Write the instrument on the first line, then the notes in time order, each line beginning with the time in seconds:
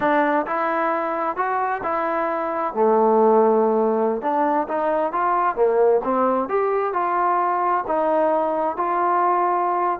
trombone
0.00 D4
0.46 E4
1.36 F#4
1.83 E4
2.74 A3
4.21 D4
4.67 D#4
5.12 F4
5.55 A#3
6.04 C4
6.48 G4
6.93 F4
7.87 D#4
8.76 F4